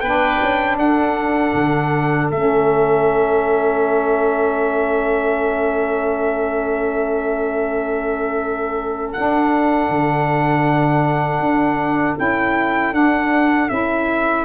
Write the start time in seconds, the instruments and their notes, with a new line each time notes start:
0.00 tuba B3, saxophone D4, oboe B4, trumpet G5
0.41 tuba C#4
0.77 tuba D4, oboe A4, trumpet F#5
1.54 tuba D3
2.31 tuba A3, saxophone C#4, trumpet E5
9.12 saxophone D4, tuba D4, trumpet F#5
9.89 tuba D3
11.39 tuba D4
12.17 tuba C#4, saxophone E4, trumpet G5
12.92 tuba D4, saxophone D4, trumpet F#5
13.69 tuba C#4, saxophone E4, trumpet E5